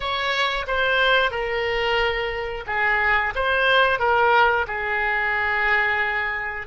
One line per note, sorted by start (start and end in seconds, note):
0.00 0.65 C#5
0.67 1.31 C5
1.31 2.64 A#4
2.66 3.33 G#4
3.35 3.99 C5
3.99 4.65 A#4
4.67 6.67 G#4